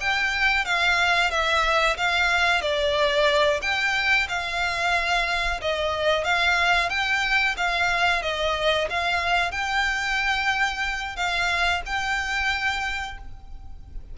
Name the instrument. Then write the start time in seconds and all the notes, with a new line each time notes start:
violin
0.00 G5
0.65 F5
1.31 E5
1.97 F5
2.61 D5
3.61 G5
4.29 F5
5.61 D#5
6.24 F5
6.89 G5
7.57 F5
8.22 D#5
8.90 F5
9.51 G5
11.16 F5
11.86 G5